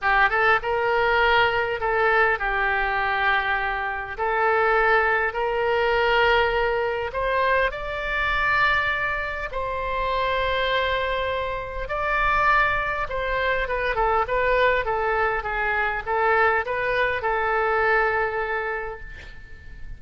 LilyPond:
\new Staff \with { instrumentName = "oboe" } { \time 4/4 \tempo 4 = 101 g'8 a'8 ais'2 a'4 | g'2. a'4~ | a'4 ais'2. | c''4 d''2. |
c''1 | d''2 c''4 b'8 a'8 | b'4 a'4 gis'4 a'4 | b'4 a'2. | }